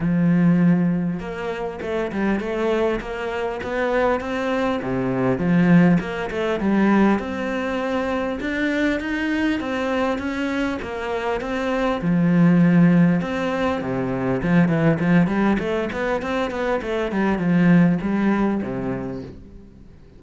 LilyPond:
\new Staff \with { instrumentName = "cello" } { \time 4/4 \tempo 4 = 100 f2 ais4 a8 g8 | a4 ais4 b4 c'4 | c4 f4 ais8 a8 g4 | c'2 d'4 dis'4 |
c'4 cis'4 ais4 c'4 | f2 c'4 c4 | f8 e8 f8 g8 a8 b8 c'8 b8 | a8 g8 f4 g4 c4 | }